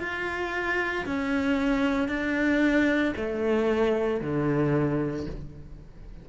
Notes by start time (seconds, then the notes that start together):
0.00 F4
1.06 C#4
2.08 D4
3.16 A3
4.21 D3